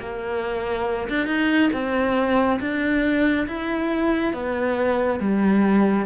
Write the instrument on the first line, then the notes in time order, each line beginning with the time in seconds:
cello
0.00 A#3
1.09 D4
1.27 D#4
1.73 C4
2.60 D4
3.47 E4
4.34 B3
5.20 G3